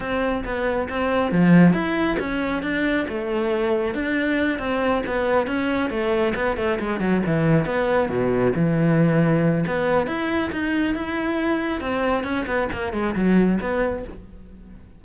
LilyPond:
\new Staff \with { instrumentName = "cello" } { \time 4/4 \tempo 4 = 137 c'4 b4 c'4 f4 | e'4 cis'4 d'4 a4~ | a4 d'4. c'4 b8~ | b8 cis'4 a4 b8 a8 gis8 |
fis8 e4 b4 b,4 e8~ | e2 b4 e'4 | dis'4 e'2 c'4 | cis'8 b8 ais8 gis8 fis4 b4 | }